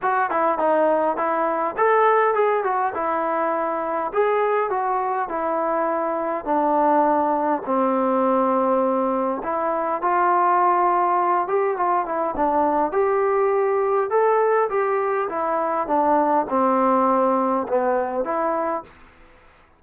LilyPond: \new Staff \with { instrumentName = "trombone" } { \time 4/4 \tempo 4 = 102 fis'8 e'8 dis'4 e'4 a'4 | gis'8 fis'8 e'2 gis'4 | fis'4 e'2 d'4~ | d'4 c'2. |
e'4 f'2~ f'8 g'8 | f'8 e'8 d'4 g'2 | a'4 g'4 e'4 d'4 | c'2 b4 e'4 | }